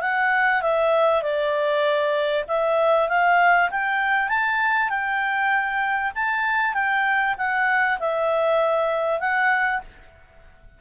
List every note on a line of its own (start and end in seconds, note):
0.00 0.61 F#5
0.62 1.22 E5
1.22 2.44 D5
2.47 3.08 E5
3.08 3.69 F5
3.70 4.28 G5
4.28 4.89 A5
4.89 6.11 G5
6.14 6.73 A5
6.73 7.35 G5
7.37 7.99 F#5
7.99 9.19 E5
9.19 9.81 F#5